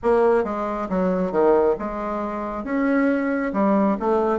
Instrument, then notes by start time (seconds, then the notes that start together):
bassoon
0.02 A#3
0.44 G#3
0.89 F#3
1.31 D#3
1.78 G#3
2.64 C#4
3.53 G3
3.99 A3